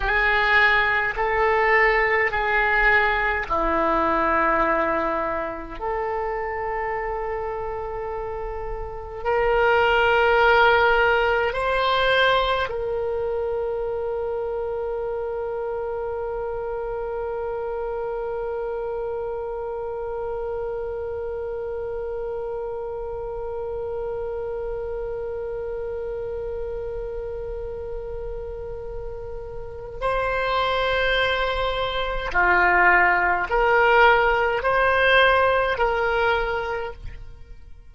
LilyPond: \new Staff \with { instrumentName = "oboe" } { \time 4/4 \tempo 4 = 52 gis'4 a'4 gis'4 e'4~ | e'4 a'2. | ais'2 c''4 ais'4~ | ais'1~ |
ais'1~ | ais'1~ | ais'2 c''2 | f'4 ais'4 c''4 ais'4 | }